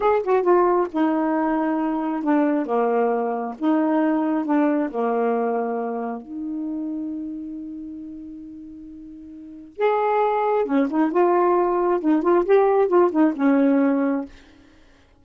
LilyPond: \new Staff \with { instrumentName = "saxophone" } { \time 4/4 \tempo 4 = 135 gis'8 fis'8 f'4 dis'2~ | dis'4 d'4 ais2 | dis'2 d'4 ais4~ | ais2 dis'2~ |
dis'1~ | dis'2 gis'2 | cis'8 dis'8 f'2 dis'8 f'8 | g'4 f'8 dis'8 cis'2 | }